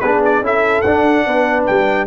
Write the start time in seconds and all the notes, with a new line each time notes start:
0.00 B3 D4 G#4 B4
0.24 D5
0.40 C#4 E4 A4 E5
0.81 D4 F#5
1.26 B3 B4
1.66 G3 G5